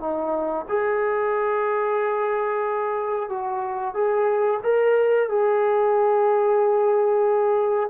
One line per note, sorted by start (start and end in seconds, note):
0.00 0.66 D#4
0.69 3.30 G#4
3.30 3.94 F#4
3.94 4.60 G#4
4.63 5.29 A#4
5.29 7.90 G#4